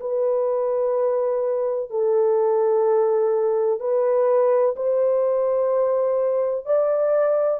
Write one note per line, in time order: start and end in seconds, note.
0.00 1.90 B4
1.90 3.80 A4
3.80 4.75 B4
4.76 6.65 C5
6.65 7.60 D5